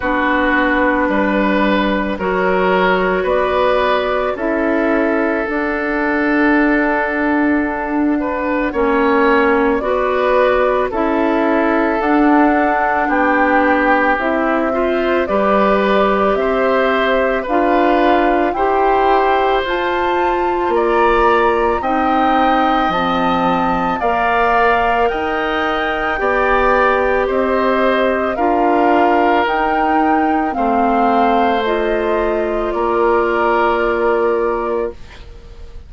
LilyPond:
<<
  \new Staff \with { instrumentName = "flute" } { \time 4/4 \tempo 4 = 55 b'2 cis''4 d''4 | e''4 fis''2.~ | fis''4 d''4 e''4 fis''4 | g''4 e''4 d''4 e''4 |
f''4 g''4 a''4 ais''4 | g''4 a''4 f''4 g''4~ | g''4 dis''4 f''4 g''4 | f''4 dis''4 d''2 | }
  \new Staff \with { instrumentName = "oboe" } { \time 4/4 fis'4 b'4 ais'4 b'4 | a'2.~ a'8 b'8 | cis''4 b'4 a'2 | g'4. c''8 b'4 c''4 |
b'4 c''2 d''4 | dis''2 d''4 dis''4 | d''4 c''4 ais'2 | c''2 ais'2 | }
  \new Staff \with { instrumentName = "clarinet" } { \time 4/4 d'2 fis'2 | e'4 d'2. | cis'4 fis'4 e'4 d'4~ | d'4 e'8 f'8 g'2 |
f'4 g'4 f'2 | dis'4 c'4 ais'2 | g'2 f'4 dis'4 | c'4 f'2. | }
  \new Staff \with { instrumentName = "bassoon" } { \time 4/4 b4 g4 fis4 b4 | cis'4 d'2. | ais4 b4 cis'4 d'4 | b4 c'4 g4 c'4 |
d'4 e'4 f'4 ais4 | c'4 f4 ais4 dis'4 | b4 c'4 d'4 dis'4 | a2 ais2 | }
>>